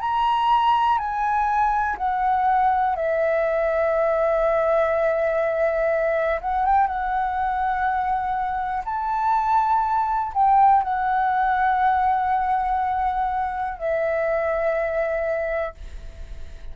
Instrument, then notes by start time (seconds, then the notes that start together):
flute
0.00 A#5
0.98 G#5
1.97 F#5
2.96 E5
6.41 F#5
6.65 G5
6.87 F#5
8.85 A5
10.34 G5
10.83 F#5
13.78 E5